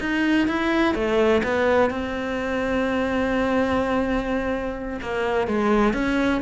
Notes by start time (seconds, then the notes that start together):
0.00 D#4
0.47 E4
0.94 A3
1.43 B3
1.90 C4
5.02 A#3
5.47 G#3
5.93 C#4